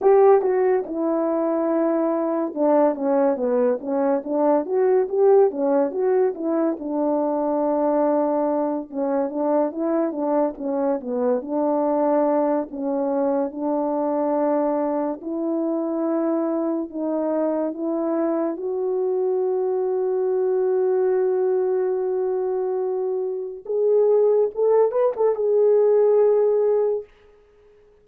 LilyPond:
\new Staff \with { instrumentName = "horn" } { \time 4/4 \tempo 4 = 71 g'8 fis'8 e'2 d'8 cis'8 | b8 cis'8 d'8 fis'8 g'8 cis'8 fis'8 e'8 | d'2~ d'8 cis'8 d'8 e'8 | d'8 cis'8 b8 d'4. cis'4 |
d'2 e'2 | dis'4 e'4 fis'2~ | fis'1 | gis'4 a'8 b'16 a'16 gis'2 | }